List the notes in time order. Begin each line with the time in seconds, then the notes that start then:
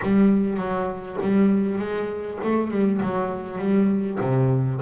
0.02 G3
0.57 F#3
1.21 G3
1.78 G#3
2.43 A3
2.70 G3
3.02 F#3
3.58 G3
4.20 C3